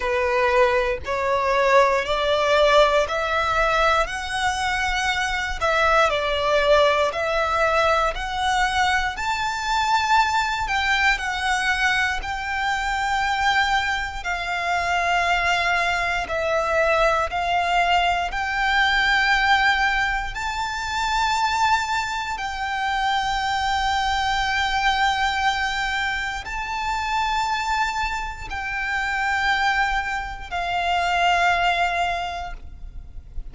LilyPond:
\new Staff \with { instrumentName = "violin" } { \time 4/4 \tempo 4 = 59 b'4 cis''4 d''4 e''4 | fis''4. e''8 d''4 e''4 | fis''4 a''4. g''8 fis''4 | g''2 f''2 |
e''4 f''4 g''2 | a''2 g''2~ | g''2 a''2 | g''2 f''2 | }